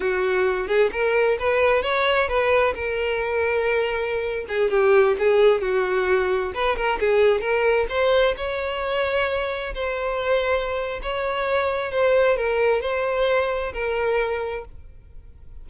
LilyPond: \new Staff \with { instrumentName = "violin" } { \time 4/4 \tempo 4 = 131 fis'4. gis'8 ais'4 b'4 | cis''4 b'4 ais'2~ | ais'4.~ ais'16 gis'8 g'4 gis'8.~ | gis'16 fis'2 b'8 ais'8 gis'8.~ |
gis'16 ais'4 c''4 cis''4.~ cis''16~ | cis''4~ cis''16 c''2~ c''8. | cis''2 c''4 ais'4 | c''2 ais'2 | }